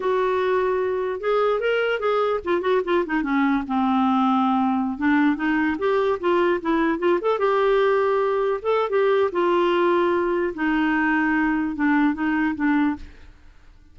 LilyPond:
\new Staff \with { instrumentName = "clarinet" } { \time 4/4 \tempo 4 = 148 fis'2. gis'4 | ais'4 gis'4 f'8 fis'8 f'8 dis'8 | cis'4 c'2.~ | c'16 d'4 dis'4 g'4 f'8.~ |
f'16 e'4 f'8 a'8 g'4.~ g'16~ | g'4~ g'16 a'8. g'4 f'4~ | f'2 dis'2~ | dis'4 d'4 dis'4 d'4 | }